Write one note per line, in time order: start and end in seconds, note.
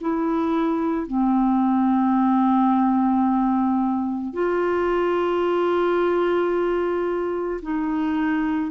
0.00 1.07 E4
1.07 4.33 C4
4.33 7.60 F4
7.62 8.71 D#4